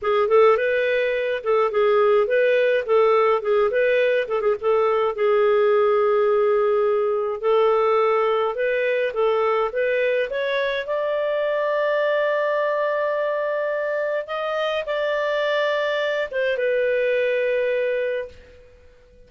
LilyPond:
\new Staff \with { instrumentName = "clarinet" } { \time 4/4 \tempo 4 = 105 gis'8 a'8 b'4. a'8 gis'4 | b'4 a'4 gis'8 b'4 a'16 gis'16 | a'4 gis'2.~ | gis'4 a'2 b'4 |
a'4 b'4 cis''4 d''4~ | d''1~ | d''4 dis''4 d''2~ | d''8 c''8 b'2. | }